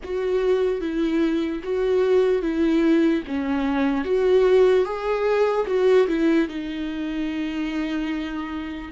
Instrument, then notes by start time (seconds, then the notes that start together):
viola
0.03 F#4
0.80 E4
1.63 F#4
2.41 E4
3.27 C#4
4.04 F#4
4.84 G#4
5.66 F#4
6.07 E4
6.48 D#4